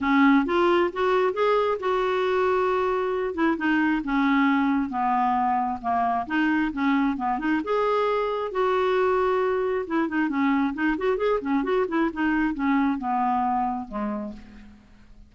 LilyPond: \new Staff \with { instrumentName = "clarinet" } { \time 4/4 \tempo 4 = 134 cis'4 f'4 fis'4 gis'4 | fis'2.~ fis'8 e'8 | dis'4 cis'2 b4~ | b4 ais4 dis'4 cis'4 |
b8 dis'8 gis'2 fis'4~ | fis'2 e'8 dis'8 cis'4 | dis'8 fis'8 gis'8 cis'8 fis'8 e'8 dis'4 | cis'4 b2 gis4 | }